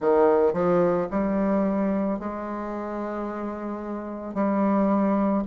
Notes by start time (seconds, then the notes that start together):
0.00 D#3
0.53 F3
1.11 G3
2.19 G#3
4.34 G3